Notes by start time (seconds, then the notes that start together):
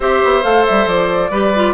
0.00 C4 G4 C5 E5
0.24 B3
0.42 A3 A4 F5
0.65 G3 E5
0.86 F3 D5
1.30 G3 G4 B4
1.55 F4